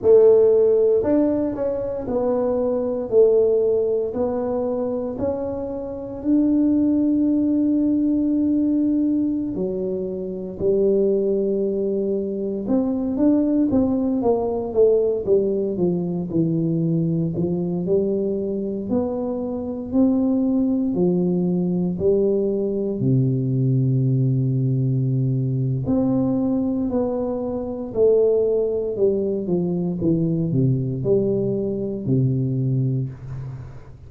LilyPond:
\new Staff \with { instrumentName = "tuba" } { \time 4/4 \tempo 4 = 58 a4 d'8 cis'8 b4 a4 | b4 cis'4 d'2~ | d'4~ d'16 fis4 g4.~ g16~ | g16 c'8 d'8 c'8 ais8 a8 g8 f8 e16~ |
e8. f8 g4 b4 c'8.~ | c'16 f4 g4 c4.~ c16~ | c4 c'4 b4 a4 | g8 f8 e8 c8 g4 c4 | }